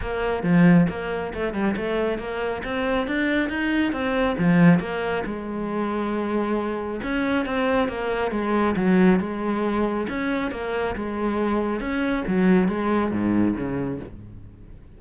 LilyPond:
\new Staff \with { instrumentName = "cello" } { \time 4/4 \tempo 4 = 137 ais4 f4 ais4 a8 g8 | a4 ais4 c'4 d'4 | dis'4 c'4 f4 ais4 | gis1 |
cis'4 c'4 ais4 gis4 | fis4 gis2 cis'4 | ais4 gis2 cis'4 | fis4 gis4 gis,4 cis4 | }